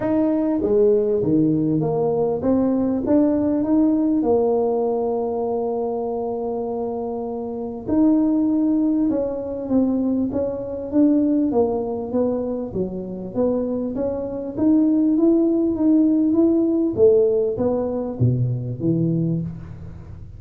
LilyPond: \new Staff \with { instrumentName = "tuba" } { \time 4/4 \tempo 4 = 99 dis'4 gis4 dis4 ais4 | c'4 d'4 dis'4 ais4~ | ais1~ | ais4 dis'2 cis'4 |
c'4 cis'4 d'4 ais4 | b4 fis4 b4 cis'4 | dis'4 e'4 dis'4 e'4 | a4 b4 b,4 e4 | }